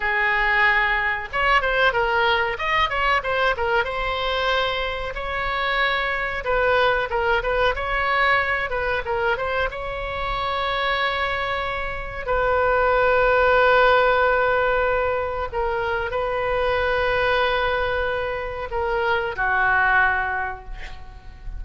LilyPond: \new Staff \with { instrumentName = "oboe" } { \time 4/4 \tempo 4 = 93 gis'2 cis''8 c''8 ais'4 | dis''8 cis''8 c''8 ais'8 c''2 | cis''2 b'4 ais'8 b'8 | cis''4. b'8 ais'8 c''8 cis''4~ |
cis''2. b'4~ | b'1 | ais'4 b'2.~ | b'4 ais'4 fis'2 | }